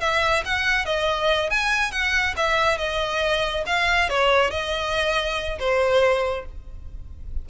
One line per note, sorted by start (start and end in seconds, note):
0.00 0.43 E5
0.45 0.85 F#5
0.85 1.50 D#5
1.50 1.91 G#5
1.91 2.34 F#5
2.36 2.78 E5
2.78 3.64 D#5
3.66 4.09 F5
4.09 4.50 C#5
4.50 5.58 D#5
5.59 6.45 C5